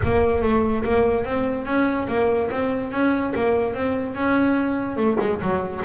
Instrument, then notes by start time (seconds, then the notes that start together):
double bass
0.03 A#3
0.42 A3
0.83 A#3
1.24 C4
1.65 C#4
2.08 A#3
2.50 C4
2.91 C#4
3.35 A#3
3.74 C4
4.15 C#4
4.96 A3
5.20 G#3
5.41 F#3